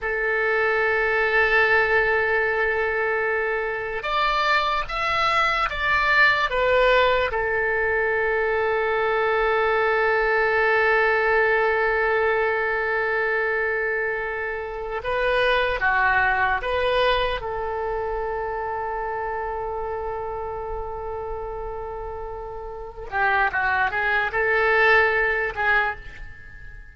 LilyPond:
\new Staff \with { instrumentName = "oboe" } { \time 4/4 \tempo 4 = 74 a'1~ | a'4 d''4 e''4 d''4 | b'4 a'2.~ | a'1~ |
a'2~ a'8 b'4 fis'8~ | fis'8 b'4 a'2~ a'8~ | a'1~ | a'8 g'8 fis'8 gis'8 a'4. gis'8 | }